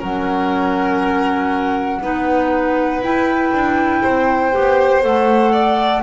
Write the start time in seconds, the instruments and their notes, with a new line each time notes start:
0.00 double bass F#3, clarinet C#4, violin A#4, flute F#5
2.01 double bass B3, clarinet D#4, violin B4
3.01 double bass E4, clarinet E4, flute G5
3.53 double bass D4
4.02 double bass C4, violin C5
4.52 double bass B3, clarinet G4
5.02 double bass A3, clarinet A4, flute F#5
5.52 violin D5